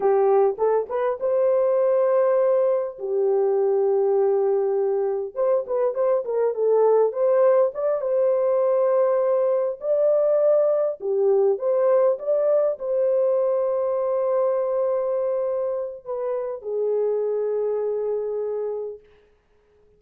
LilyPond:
\new Staff \with { instrumentName = "horn" } { \time 4/4 \tempo 4 = 101 g'4 a'8 b'8 c''2~ | c''4 g'2.~ | g'4 c''8 b'8 c''8 ais'8 a'4 | c''4 d''8 c''2~ c''8~ |
c''8 d''2 g'4 c''8~ | c''8 d''4 c''2~ c''8~ | c''2. b'4 | gis'1 | }